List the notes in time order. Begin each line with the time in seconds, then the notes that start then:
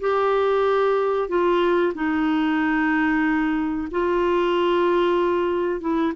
0.00 G4
1.28 F4
1.94 D#4
3.91 F4
5.80 E4